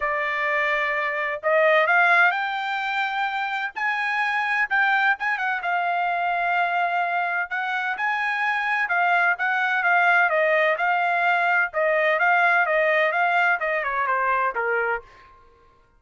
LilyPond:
\new Staff \with { instrumentName = "trumpet" } { \time 4/4 \tempo 4 = 128 d''2. dis''4 | f''4 g''2. | gis''2 g''4 gis''8 fis''8 | f''1 |
fis''4 gis''2 f''4 | fis''4 f''4 dis''4 f''4~ | f''4 dis''4 f''4 dis''4 | f''4 dis''8 cis''8 c''4 ais'4 | }